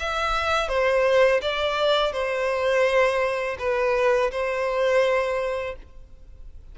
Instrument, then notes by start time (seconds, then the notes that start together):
violin
0.00 E5
0.69 C5
1.42 D5
2.13 C5
3.59 B4
4.31 C5